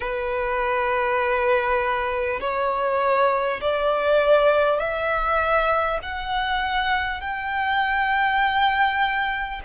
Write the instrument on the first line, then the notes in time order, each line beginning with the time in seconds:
violin
0.00 B4
2.40 C#5
3.61 D5
4.79 E5
6.02 F#5
7.21 G5